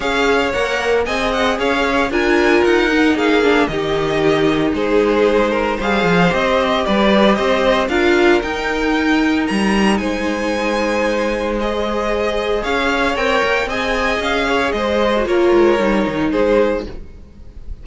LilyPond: <<
  \new Staff \with { instrumentName = "violin" } { \time 4/4 \tempo 4 = 114 f''4 fis''4 gis''8 fis''8 f''4 | gis''4 fis''4 f''4 dis''4~ | dis''4 c''2 f''4 | dis''4 d''4 dis''4 f''4 |
g''2 ais''4 gis''4~ | gis''2 dis''2 | f''4 g''4 gis''4 f''4 | dis''4 cis''2 c''4 | }
  \new Staff \with { instrumentName = "violin" } { \time 4/4 cis''2 dis''4 cis''4 | ais'2 gis'4 g'4~ | g'4 gis'4. ais'8 c''4~ | c''4 b'4 c''4 ais'4~ |
ais'2. c''4~ | c''1 | cis''2 dis''4. cis''8 | c''4 ais'2 gis'4 | }
  \new Staff \with { instrumentName = "viola" } { \time 4/4 gis'4 ais'4 gis'2 | f'4. dis'4 d'8 dis'4~ | dis'2. gis'4 | g'2. f'4 |
dis'1~ | dis'2 gis'2~ | gis'4 ais'4 gis'2~ | gis'8. fis'16 f'4 dis'2 | }
  \new Staff \with { instrumentName = "cello" } { \time 4/4 cis'4 ais4 c'4 cis'4 | d'4 dis'4 ais4 dis4~ | dis4 gis2 g8 f8 | c'4 g4 c'4 d'4 |
dis'2 g4 gis4~ | gis1 | cis'4 c'8 ais8 c'4 cis'4 | gis4 ais8 gis8 g8 dis8 gis4 | }
>>